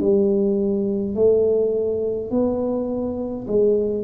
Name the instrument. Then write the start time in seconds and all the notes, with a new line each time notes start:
tuba
0.00 G3
1.15 A3
2.31 B3
3.47 G#3